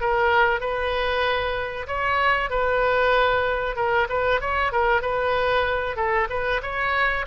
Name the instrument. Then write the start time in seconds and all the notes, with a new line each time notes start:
oboe
0.00 A#4
0.60 B4
1.87 C#5
2.50 B4
3.76 A#4
4.09 B4
4.41 C#5
4.72 A#4
5.02 B4
5.96 A4
6.29 B4
6.62 C#5